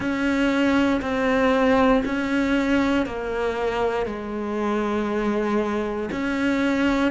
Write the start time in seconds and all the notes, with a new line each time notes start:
0.00 C#4
1.01 C4
2.05 C#4
3.06 A#3
4.06 G#3
6.11 C#4